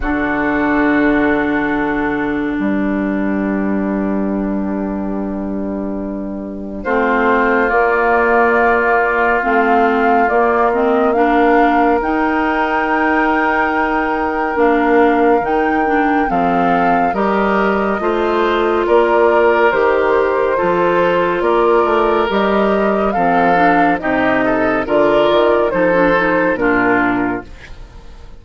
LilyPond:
<<
  \new Staff \with { instrumentName = "flute" } { \time 4/4 \tempo 4 = 70 a'2. b'4~ | b'1 | c''4 d''2 f''4 | d''8 dis''8 f''4 g''2~ |
g''4 f''4 g''4 f''4 | dis''2 d''4 c''4~ | c''4 d''4 dis''4 f''4 | dis''4 d''4 c''4 ais'4 | }
  \new Staff \with { instrumentName = "oboe" } { \time 4/4 fis'2. g'4~ | g'1 | f'1~ | f'4 ais'2.~ |
ais'2. a'4 | ais'4 c''4 ais'2 | a'4 ais'2 a'4 | g'8 a'8 ais'4 a'4 f'4 | }
  \new Staff \with { instrumentName = "clarinet" } { \time 4/4 d'1~ | d'1 | c'4 ais2 c'4 | ais8 c'8 d'4 dis'2~ |
dis'4 d'4 dis'8 d'8 c'4 | g'4 f'2 g'4 | f'2 g'4 c'8 d'8 | dis'4 f'4 dis'16 d'16 dis'8 d'4 | }
  \new Staff \with { instrumentName = "bassoon" } { \time 4/4 d2. g4~ | g1 | a4 ais2 a4 | ais2 dis'2~ |
dis'4 ais4 dis4 f4 | g4 a4 ais4 dis4 | f4 ais8 a8 g4 f4 | c4 d8 dis8 f4 ais,4 | }
>>